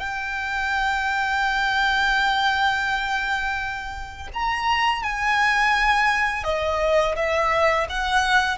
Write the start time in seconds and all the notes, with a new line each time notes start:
0.00 G5
4.34 A#5
5.03 G#5
6.44 D#5
7.16 E5
7.90 F#5